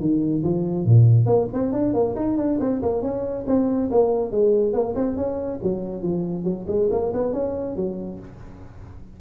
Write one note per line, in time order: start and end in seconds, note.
0.00 0.43 D#3
0.43 0.85 F3
0.85 1.26 A#2
1.26 1.48 A#3
1.54 1.72 C4
1.72 1.94 D4
1.94 2.16 A#3
2.16 2.37 D#4
2.37 2.59 D4
2.60 2.82 C4
2.82 3.02 A#3
3.02 3.45 C#4
3.47 3.90 C4
3.92 4.31 A#3
4.31 4.74 G#3
4.74 4.95 A#3
4.96 5.17 C4
5.17 5.60 C#4
5.63 6.03 F#3
6.03 6.44 F3
6.44 6.66 F#3
6.68 6.89 G#3
6.91 7.12 A#3
7.14 7.33 B3
7.33 7.76 C#4
7.76 8.19 F#3